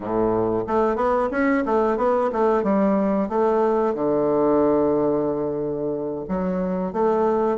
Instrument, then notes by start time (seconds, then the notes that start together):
bassoon
0.00 A2
0.67 A3
0.96 B3
1.31 C#4
1.65 A3
1.97 B3
2.32 A3
2.63 G3
3.28 A3
3.94 D3
6.28 F#3
6.92 A3